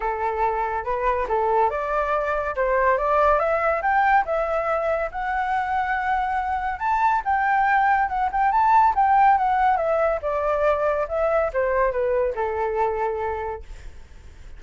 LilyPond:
\new Staff \with { instrumentName = "flute" } { \time 4/4 \tempo 4 = 141 a'2 b'4 a'4 | d''2 c''4 d''4 | e''4 g''4 e''2 | fis''1 |
a''4 g''2 fis''8 g''8 | a''4 g''4 fis''4 e''4 | d''2 e''4 c''4 | b'4 a'2. | }